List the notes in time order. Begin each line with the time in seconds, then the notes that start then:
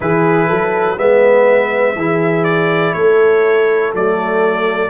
0.00 E3 E4 G#4 B4
0.48 F#3 A4
0.97 G#3 B3 B4 E5
1.95 E3 E4 G#4
2.43 D5
2.93 A3 A4 C#5
3.94 F#3 A3 D5